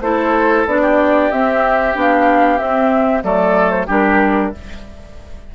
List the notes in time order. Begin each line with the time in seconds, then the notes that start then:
0.00 A3 E4 A4 C5
0.65 B3 D4 D5
0.81 G4
1.31 C4 E5
1.95 B3 D4 F5
2.58 C4 E5
3.23 F#3 A3 A4 D5
3.70 C5
3.87 G3 D4 G4 A#4